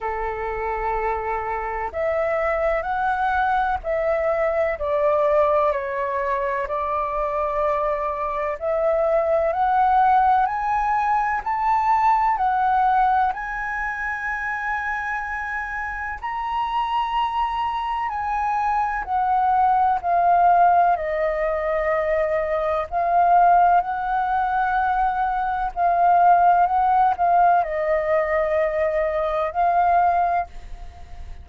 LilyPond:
\new Staff \with { instrumentName = "flute" } { \time 4/4 \tempo 4 = 63 a'2 e''4 fis''4 | e''4 d''4 cis''4 d''4~ | d''4 e''4 fis''4 gis''4 | a''4 fis''4 gis''2~ |
gis''4 ais''2 gis''4 | fis''4 f''4 dis''2 | f''4 fis''2 f''4 | fis''8 f''8 dis''2 f''4 | }